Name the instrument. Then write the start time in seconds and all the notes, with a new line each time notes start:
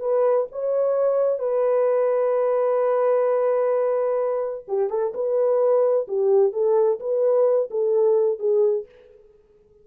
horn
0.00 B4
0.52 C#5
1.39 B4
4.68 G4
4.90 A4
5.14 B4
6.08 G4
6.53 A4
7.00 B4
7.71 A4
8.39 G#4